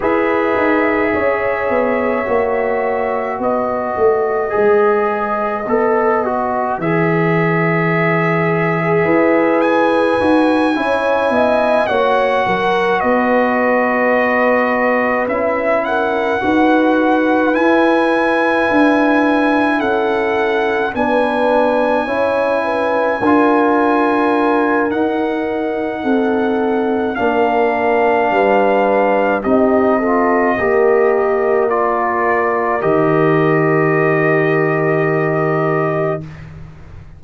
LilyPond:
<<
  \new Staff \with { instrumentName = "trumpet" } { \time 4/4 \tempo 4 = 53 e''2. dis''4~ | dis''2 e''2~ | e''8 gis''2 fis''4 dis''8~ | dis''4. e''8 fis''4. gis''8~ |
gis''4. fis''4 gis''4.~ | gis''2 fis''2 | f''2 dis''2 | d''4 dis''2. | }
  \new Staff \with { instrumentName = "horn" } { \time 4/4 b'4 cis''2 b'4~ | b'2.~ b'8. gis'16 | b'4. cis''8 dis''8 cis''8 ais'8 b'8~ | b'2 ais'8 b'4.~ |
b'4. a'4 b'4 cis''8 | b'8 ais'2~ ais'8 a'4 | ais'4 b'4 g'8 a'8 ais'4~ | ais'1 | }
  \new Staff \with { instrumentName = "trombone" } { \time 4/4 gis'2 fis'2 | gis'4 a'8 fis'8 gis'2~ | gis'4 fis'8 e'4 fis'4.~ | fis'4. e'4 fis'4 e'8~ |
e'2~ e'8 d'4 e'8~ | e'8 f'4. dis'2 | d'2 dis'8 f'8 g'4 | f'4 g'2. | }
  \new Staff \with { instrumentName = "tuba" } { \time 4/4 e'8 dis'8 cis'8 b8 ais4 b8 a8 | gis4 b4 e2 | e'4 dis'8 cis'8 b8 ais8 fis8 b8~ | b4. cis'4 dis'4 e'8~ |
e'8 d'4 cis'4 b4 cis'8~ | cis'8 d'4. dis'4 c'4 | ais4 g4 c'4 ais4~ | ais4 dis2. | }
>>